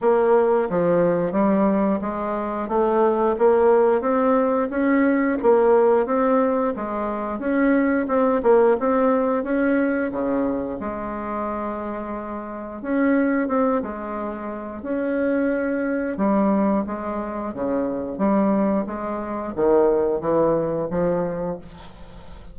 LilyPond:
\new Staff \with { instrumentName = "bassoon" } { \time 4/4 \tempo 4 = 89 ais4 f4 g4 gis4 | a4 ais4 c'4 cis'4 | ais4 c'4 gis4 cis'4 | c'8 ais8 c'4 cis'4 cis4 |
gis2. cis'4 | c'8 gis4. cis'2 | g4 gis4 cis4 g4 | gis4 dis4 e4 f4 | }